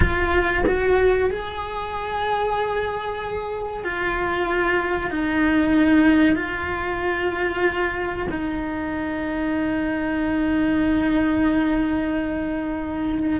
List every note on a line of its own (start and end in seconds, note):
0.00 0.64 F4
0.66 1.30 F#4
1.30 3.84 G#4
3.84 5.10 F4
5.10 6.35 D#4
6.35 8.27 F4
8.30 13.40 D#4